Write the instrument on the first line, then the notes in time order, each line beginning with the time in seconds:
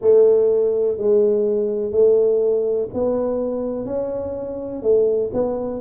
tuba
0.00 A3
0.97 G#3
1.91 A3
2.93 B3
3.85 C#4
4.82 A3
5.33 B3